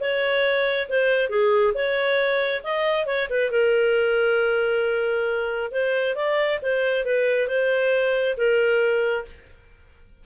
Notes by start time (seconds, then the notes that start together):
0.00 C#5
0.89 C5
1.29 G#4
1.74 C#5
2.64 D#5
3.06 C#5
3.30 B4
3.51 A#4
5.71 C5
6.15 D5
6.62 C5
7.05 B4
7.48 C5
8.37 A#4